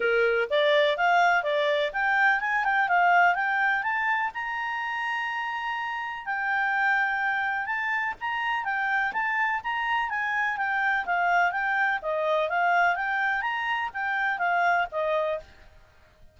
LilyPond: \new Staff \with { instrumentName = "clarinet" } { \time 4/4 \tempo 4 = 125 ais'4 d''4 f''4 d''4 | g''4 gis''8 g''8 f''4 g''4 | a''4 ais''2.~ | ais''4 g''2. |
a''4 ais''4 g''4 a''4 | ais''4 gis''4 g''4 f''4 | g''4 dis''4 f''4 g''4 | ais''4 g''4 f''4 dis''4 | }